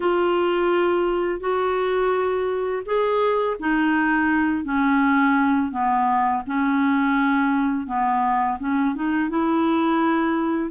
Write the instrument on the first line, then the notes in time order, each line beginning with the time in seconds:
clarinet
0.00 F4
1.40 F#4
2.85 G#4
3.59 D#4
4.64 C#4
5.71 B3
6.46 C#4
7.86 B3
8.59 C#4
8.94 D#4
9.29 E4